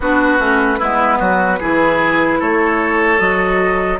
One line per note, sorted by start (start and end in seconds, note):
0.00 0.39 B3
0.00 0.38 D4
0.00 0.78 F#4
0.00 2.41 B4
0.38 0.79 A3
0.38 0.78 C#4
0.78 1.20 G#3
0.78 1.60 B3
0.78 1.18 E4
1.19 1.60 F#3
1.19 1.59 F#4
1.59 2.41 E3
1.59 3.18 E4
1.59 2.39 G#4
2.39 3.19 A3
2.39 3.99 A4
2.39 3.19 C#5
3.18 3.99 F#3
3.18 3.98 F#4
3.18 3.99 D#5